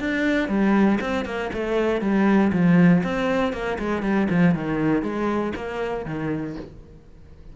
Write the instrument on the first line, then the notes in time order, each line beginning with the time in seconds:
cello
0.00 D4
0.49 G3
1.01 C4
1.25 A#3
1.54 A3
2.02 G3
2.53 F3
3.04 C4
3.53 A#3
3.79 G#3
4.03 G3
4.30 F3
4.55 D#3
5.03 G#3
5.56 A#3
6.06 D#3